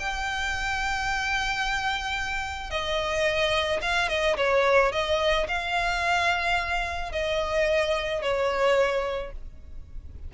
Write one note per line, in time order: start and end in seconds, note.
0.00 2.71 G5
2.71 3.81 D#5
3.82 4.09 F5
4.09 4.37 D#5
4.37 4.92 C#5
4.93 5.48 D#5
5.48 7.13 F5
7.13 8.22 D#5
8.22 9.33 C#5